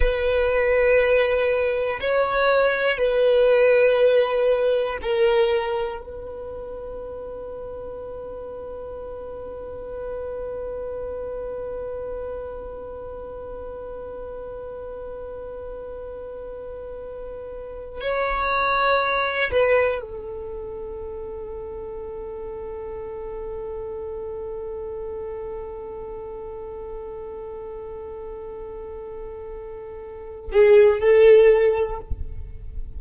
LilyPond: \new Staff \with { instrumentName = "violin" } { \time 4/4 \tempo 4 = 60 b'2 cis''4 b'4~ | b'4 ais'4 b'2~ | b'1~ | b'1~ |
b'2 cis''4. b'8 | a'1~ | a'1~ | a'2~ a'8 gis'8 a'4 | }